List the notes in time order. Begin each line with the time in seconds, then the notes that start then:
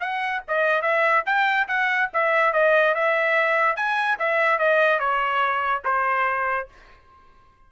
0.00 F#5
0.48 D#5
0.82 E5
1.26 G5
1.68 F#5
2.13 E5
2.53 D#5
2.95 E5
3.76 G#5
4.19 E5
4.59 D#5
4.99 C#5
5.85 C5